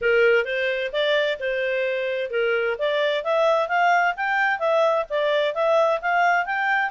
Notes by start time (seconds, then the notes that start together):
0.01 A#4
0.44 C5
0.92 D5
1.39 C5
2.30 A#4
2.78 D5
3.24 E5
3.68 F5
4.16 G5
4.59 E5
5.09 D5
5.54 E5
6.01 F5
6.45 G5